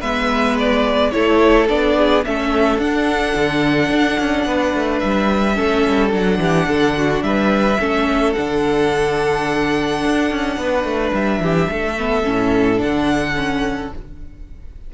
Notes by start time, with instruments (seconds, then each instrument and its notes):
0.00 cello G#3, viola B3, violin B4 E5
0.59 violin D5
1.12 cello A3, viola E4, violin A4 C#5
1.69 cello B3, viola D4, violin D5
1.98 violin G#4
2.25 cello A3, viola C#4, violin A4 E5
2.78 cello D4, viola D4, violin F#5
3.36 cello D3
3.90 cello D4
4.19 cello C#4
4.46 cello B3, violin B4
4.74 cello A3
4.99 cello G3, violin E5
5.55 cello A3, viola C#4, violin A4
5.88 cello G3
6.11 cello F#3, viola D4, violin F#5
6.39 cello E3, violin G4
6.68 cello D3, violin A4
6.97 violin F#4
7.22 cello G3, violin B4 E5
7.80 cello A3, viola C#4, violin A4
8.33 cello D3, viola D4, violin F#5
10.05 cello D4
10.31 cello C#4
10.57 cello B3, violin B4
10.84 cello A3
11.13 cello G3, violin E5
11.40 cello E3, violin G4
11.70 cello A3, violin A4
11.98 viola B3
12.24 cello A2, viola C#4
12.77 cello D3, viola D4, violin F#5
13.36 viola C#4